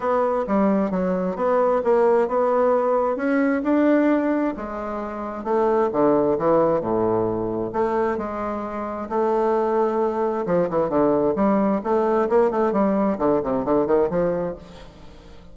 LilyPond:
\new Staff \with { instrumentName = "bassoon" } { \time 4/4 \tempo 4 = 132 b4 g4 fis4 b4 | ais4 b2 cis'4 | d'2 gis2 | a4 d4 e4 a,4~ |
a,4 a4 gis2 | a2. f8 e8 | d4 g4 a4 ais8 a8 | g4 d8 c8 d8 dis8 f4 | }